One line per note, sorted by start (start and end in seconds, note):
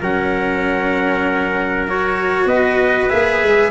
0.00 2.45 F#3
0.00 1.87 C#4
0.00 2.47 A#4
0.00 1.88 F#5
1.87 3.10 F#4
1.87 2.47 C#5
2.45 3.07 B3
2.45 3.70 B4
2.45 3.09 D#5
3.09 3.43 A#3
3.09 3.70 G#4
3.09 3.70 E5
3.43 3.70 G#3